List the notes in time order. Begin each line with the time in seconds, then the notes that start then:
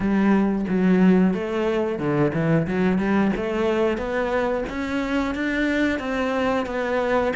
0.00 G3
0.68 F#3
1.33 A3
1.98 D3
2.33 E3
2.67 F#3
2.98 G3
3.36 A3
3.97 B3
4.69 C#4
5.35 D4
5.99 C4
6.66 B3